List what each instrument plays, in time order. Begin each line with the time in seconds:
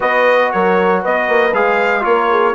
0.00 bassoon B3, trombone F#4, horn B4, trumpet D#5
0.51 bassoon F#3, horn A#4, trumpet C#5
1.01 bassoon B3, horn B4, trumpet D#5
1.28 bassoon A#3
1.53 bassoon G#3, trombone G#4, trumpet F5
2.00 bassoon A#3, trombone F4, horn A#4, trumpet C#5
2.30 horn G#4